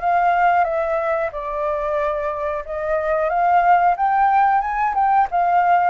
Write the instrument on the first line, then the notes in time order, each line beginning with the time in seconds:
flute
0.00 F5
0.64 E5
1.32 D5
2.65 D#5
3.29 F5
3.97 G5
4.61 G#5
4.95 G5
5.31 F5